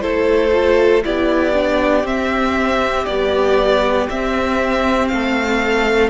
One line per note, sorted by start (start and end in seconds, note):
0.00 1.05 A3
0.00 0.51 E4
0.00 1.04 A4
0.00 1.03 C5
0.51 1.02 F4
1.04 2.04 B3
1.04 1.54 E4
1.04 5.12 G4
1.04 2.07 D5
1.54 2.04 D4
2.04 3.06 C4
2.04 3.06 E5
3.06 4.10 G3
3.06 4.09 B3
3.06 4.07 D5
4.10 6.10 C4
4.10 5.12 C4
4.10 5.08 E5
5.08 6.10 A3
5.08 6.10 A4
5.08 6.10 F5